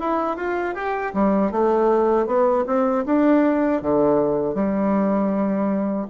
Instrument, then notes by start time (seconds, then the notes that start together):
bassoon
0.00 E4
0.37 F4
0.75 G4
1.14 G3
1.52 A3
2.27 B3
2.67 C4
3.06 D4
3.82 D3
4.55 G3